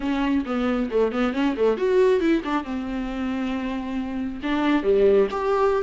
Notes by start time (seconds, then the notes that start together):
0.00 C#4
0.45 B3
0.90 A3
1.11 B3
1.33 C#4
1.56 A3
1.77 F#4
2.20 E4
2.44 D4
2.64 C4
4.42 D4
4.83 G3
5.30 G4